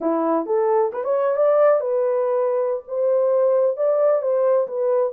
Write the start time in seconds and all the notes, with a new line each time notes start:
0.01 E4
0.46 A4
0.92 B4
1.04 C#5
1.36 D5
1.80 B4
2.87 C5
3.76 D5
4.21 C5
4.67 B4